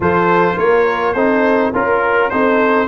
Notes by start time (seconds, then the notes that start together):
0.00 F3 F4 A4 C5
0.56 A#3 A#4 C#5
1.13 C4 D#4 A4 C5
1.72 C#4 F4 A#4
2.30 C4 D#4 A4 C5